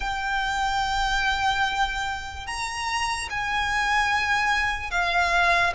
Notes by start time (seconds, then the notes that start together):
0.00 G5
2.46 A#5
3.30 G#5
4.91 F5